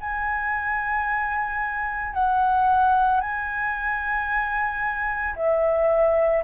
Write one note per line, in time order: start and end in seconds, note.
0.00 2.14 G#5
2.14 3.20 F#5
3.20 5.35 G#5
5.36 6.43 E5